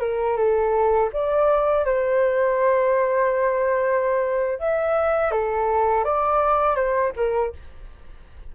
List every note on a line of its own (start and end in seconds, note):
0.00 0.37 A#4
0.37 1.10 A4
1.12 1.85 D5
1.85 4.59 C5
4.59 5.31 E5
5.31 6.04 A4
6.04 6.75 D5
6.75 7.12 C5
7.16 7.52 A#4